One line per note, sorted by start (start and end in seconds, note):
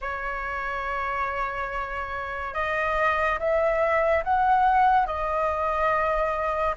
0.01 2.54 C#5
2.54 3.38 D#5
3.39 4.23 E5
4.23 5.06 F#5
5.06 6.75 D#5